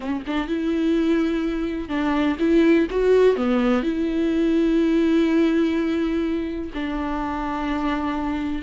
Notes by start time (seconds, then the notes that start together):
0.00 C#4
0.27 D4
0.47 E4
1.88 D4
2.39 E4
2.90 F#4
3.36 B3
3.82 E4
6.74 D4